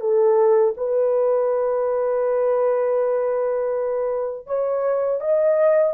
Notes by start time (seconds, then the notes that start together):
0.00 A4
0.77 B4
4.46 C#5
5.21 D#5